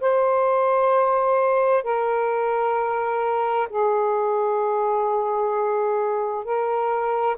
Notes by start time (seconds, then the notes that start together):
0.00 C5
1.83 A#4
3.69 G#4
6.44 A#4